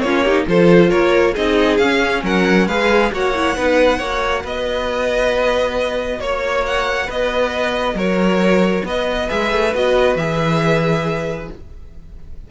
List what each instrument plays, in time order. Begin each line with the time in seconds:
0.00 cello A#3, viola C#4, violin F4 C#5
0.24 viola D#4, violin G4
0.46 cello F3, viola F4, violin A4 C5
0.90 cello A#3, violin A#4 C#5
1.33 cello C4, viola D#4, violin G#4 D#5
1.77 cello C#4, viola C#4, violin F5
2.23 cello F#3, violin A#4 F#5
2.67 cello G#3, viola G#4, violin B4 F5
3.11 cello A#3, viola F#4, violin C#5 F#5
3.35 viola E4
3.56 cello B3, viola D#4, violin B4
3.98 cello A#3, viola F#4, violin C#5
4.43 cello B3, violin B4 D#5
6.19 cello A#3, violin C#5
6.66 violin F#5
7.06 cello B3, violin B4 D#5
7.94 cello F#3, violin A#4 C#5
8.84 cello B3, violin B4 D#5
9.28 cello G#3, viola G#4, violin E5
9.52 cello A3
9.74 cello B3, viola F#4, violin D#5
10.15 cello E3, viola G#4, violin E5